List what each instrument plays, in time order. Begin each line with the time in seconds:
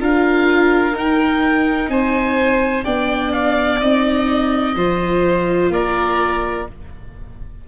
0.00 tuba D4, viola F4, violin A#4, oboe F5
0.93 viola D#4, tuba D#4, oboe G5
1.89 tuba C4, violin C5, oboe G#5
2.85 tuba B3, viola D4, violin D5, oboe G5
3.33 oboe F5
3.80 tuba C4, viola D#4, oboe D#5
4.76 tuba F3, viola F4, violin C5
5.70 tuba A#3, violin A#4, oboe D5